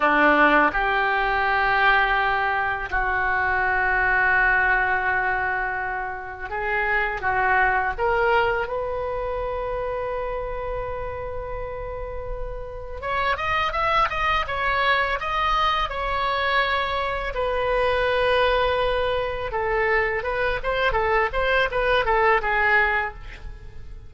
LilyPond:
\new Staff \with { instrumentName = "oboe" } { \time 4/4 \tempo 4 = 83 d'4 g'2. | fis'1~ | fis'4 gis'4 fis'4 ais'4 | b'1~ |
b'2 cis''8 dis''8 e''8 dis''8 | cis''4 dis''4 cis''2 | b'2. a'4 | b'8 c''8 a'8 c''8 b'8 a'8 gis'4 | }